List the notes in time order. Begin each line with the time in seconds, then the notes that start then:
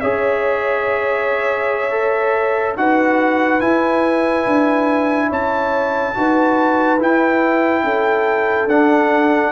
0.00 C#4 G#4 C#5 E5
1.91 A4
2.76 D#4 F#4 B4 F#5
3.60 E4 G#5
4.46 D4
5.29 C#4 C#5 A5
6.14 D#4 F#4 B4
7.00 E4 G5
7.83 C#4 A4
8.66 D4 F#5